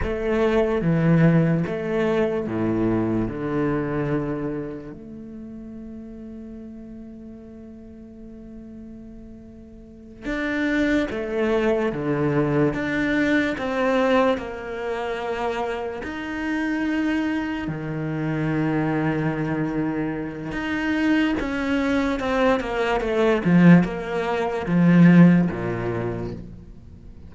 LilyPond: \new Staff \with { instrumentName = "cello" } { \time 4/4 \tempo 4 = 73 a4 e4 a4 a,4 | d2 a2~ | a1~ | a8 d'4 a4 d4 d'8~ |
d'8 c'4 ais2 dis'8~ | dis'4. dis2~ dis8~ | dis4 dis'4 cis'4 c'8 ais8 | a8 f8 ais4 f4 ais,4 | }